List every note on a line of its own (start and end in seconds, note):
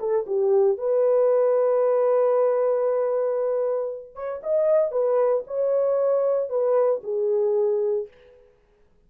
0.00 0.26 A4
0.27 0.78 G4
0.78 4.15 B4
4.15 4.42 C#5
4.43 4.92 D#5
4.92 5.44 B4
5.47 6.50 C#5
6.50 7.02 B4
7.04 8.08 G#4